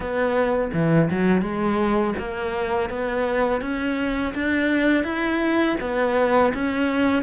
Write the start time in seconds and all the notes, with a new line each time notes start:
0.00 B3
0.73 E3
1.10 F#3
1.41 G#3
2.18 A#3
2.89 B3
3.61 C#4
4.34 D4
5.04 E4
5.80 B3
6.54 C#4